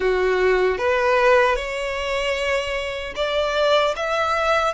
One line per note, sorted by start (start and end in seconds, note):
0.00 0.78 F#4
0.78 1.56 B4
1.56 3.14 C#5
3.15 3.94 D5
3.96 4.73 E5